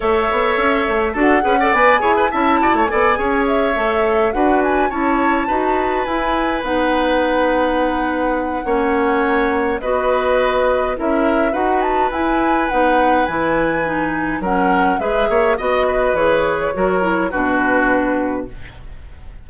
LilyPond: <<
  \new Staff \with { instrumentName = "flute" } { \time 4/4 \tempo 4 = 104 e''2 fis''4 gis''4 | a''4 gis''4 e''4. fis''8 | gis''8 a''2 gis''4 fis''8~ | fis''1~ |
fis''4 dis''2 e''4 | fis''8 a''8 gis''4 fis''4 gis''4~ | gis''4 fis''4 e''4 dis''4 | cis''2 b'2 | }
  \new Staff \with { instrumentName = "oboe" } { \time 4/4 cis''2 a'8 b'16 d''8. cis''16 b'16 | e''8 d''16 cis''16 d''8 cis''2 b'8~ | b'8 cis''4 b'2~ b'8~ | b'2. cis''4~ |
cis''4 b'2 ais'4 | b'1~ | b'4 ais'4 b'8 cis''8 dis''8 b'8~ | b'4 ais'4 fis'2 | }
  \new Staff \with { instrumentName = "clarinet" } { \time 4/4 a'2 fis'8 gis'16 a'16 b'8 gis'8 | e'4 a'8 gis'4 a'4 fis'8~ | fis'8 e'4 fis'4 e'4 dis'8~ | dis'2. cis'4~ |
cis'4 fis'2 e'4 | fis'4 e'4 dis'4 e'4 | dis'4 cis'4 gis'4 fis'4 | gis'4 fis'8 e'8 d'2 | }
  \new Staff \with { instrumentName = "bassoon" } { \time 4/4 a8 b8 cis'8 a8 d'8 cis'8 b8 e'8 | cis'8 fis'16 a16 b8 cis'4 a4 d'8~ | d'8 cis'4 dis'4 e'4 b8~ | b2. ais4~ |
ais4 b2 cis'4 | dis'4 e'4 b4 e4~ | e4 fis4 gis8 ais8 b4 | e4 fis4 b,2 | }
>>